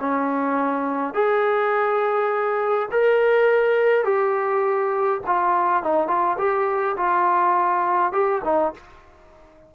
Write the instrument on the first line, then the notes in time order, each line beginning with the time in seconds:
trombone
0.00 C#4
1.14 G#4
2.91 A#4
4.04 G4
5.26 F4
5.83 D#4
6.08 F4
6.38 G4
6.97 F4
8.13 G4
8.44 D#4